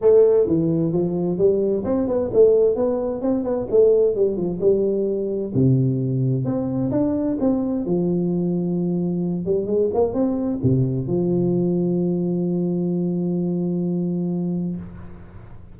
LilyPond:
\new Staff \with { instrumentName = "tuba" } { \time 4/4 \tempo 4 = 130 a4 e4 f4 g4 | c'8 b8 a4 b4 c'8 b8 | a4 g8 f8 g2 | c2 c'4 d'4 |
c'4 f2.~ | f8 g8 gis8 ais8 c'4 c4 | f1~ | f1 | }